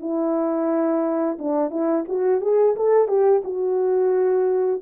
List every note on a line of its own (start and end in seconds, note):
0.00 1.38 E4
1.39 1.71 D4
1.71 2.05 E4
2.08 2.41 F#4
2.41 2.76 G#4
2.76 3.08 A4
3.08 3.42 G4
3.45 4.82 F#4